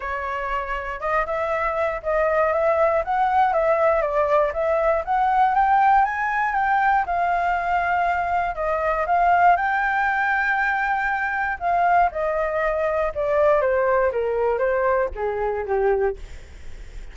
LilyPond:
\new Staff \with { instrumentName = "flute" } { \time 4/4 \tempo 4 = 119 cis''2 dis''8 e''4. | dis''4 e''4 fis''4 e''4 | d''4 e''4 fis''4 g''4 | gis''4 g''4 f''2~ |
f''4 dis''4 f''4 g''4~ | g''2. f''4 | dis''2 d''4 c''4 | ais'4 c''4 gis'4 g'4 | }